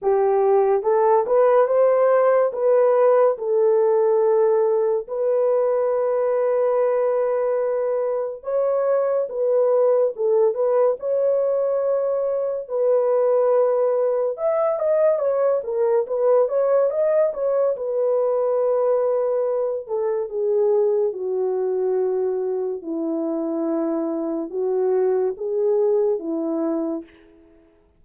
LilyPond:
\new Staff \with { instrumentName = "horn" } { \time 4/4 \tempo 4 = 71 g'4 a'8 b'8 c''4 b'4 | a'2 b'2~ | b'2 cis''4 b'4 | a'8 b'8 cis''2 b'4~ |
b'4 e''8 dis''8 cis''8 ais'8 b'8 cis''8 | dis''8 cis''8 b'2~ b'8 a'8 | gis'4 fis'2 e'4~ | e'4 fis'4 gis'4 e'4 | }